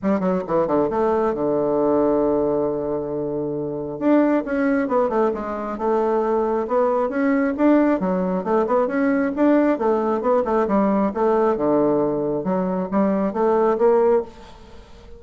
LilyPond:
\new Staff \with { instrumentName = "bassoon" } { \time 4/4 \tempo 4 = 135 g8 fis8 e8 d8 a4 d4~ | d1~ | d4 d'4 cis'4 b8 a8 | gis4 a2 b4 |
cis'4 d'4 fis4 a8 b8 | cis'4 d'4 a4 b8 a8 | g4 a4 d2 | fis4 g4 a4 ais4 | }